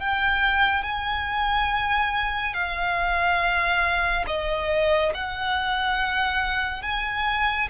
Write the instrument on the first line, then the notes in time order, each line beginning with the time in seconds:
violin
0.00 G5
0.83 G#5
2.54 F5
4.27 D#5
5.14 F#5
6.83 G#5